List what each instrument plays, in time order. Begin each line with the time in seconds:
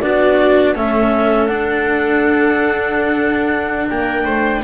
0.00 double bass B3, cello D4, viola F#4, clarinet D5
0.74 double bass A3, cello C#4, viola A4, clarinet E5
1.46 cello D4, double bass D4, clarinet F#5
3.89 double bass A#3, viola A#4, clarinet G5
4.25 double bass A3, viola C5